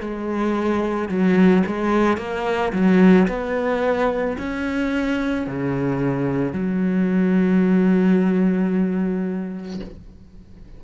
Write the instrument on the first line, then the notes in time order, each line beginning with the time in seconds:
cello
0.00 G#3
1.09 F#3
1.67 G#3
2.18 A#3
2.73 F#3
3.28 B3
4.38 C#4
5.47 C#3
6.53 F#3